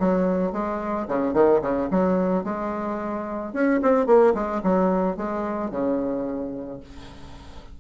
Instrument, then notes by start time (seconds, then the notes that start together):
bassoon
0.00 F#3
0.53 G#3
1.08 C#3
1.34 D#3
1.62 C#3
1.91 F#3
2.44 G#3
3.53 C#4
3.83 C4
4.07 A#3
4.35 G#3
4.63 F#3
5.17 G#3
5.71 C#3